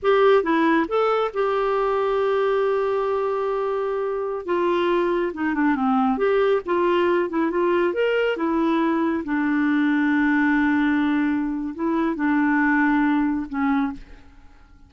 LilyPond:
\new Staff \with { instrumentName = "clarinet" } { \time 4/4 \tempo 4 = 138 g'4 e'4 a'4 g'4~ | g'1~ | g'2~ g'16 f'4.~ f'16~ | f'16 dis'8 d'8 c'4 g'4 f'8.~ |
f'8. e'8 f'4 ais'4 e'8.~ | e'4~ e'16 d'2~ d'8.~ | d'2. e'4 | d'2. cis'4 | }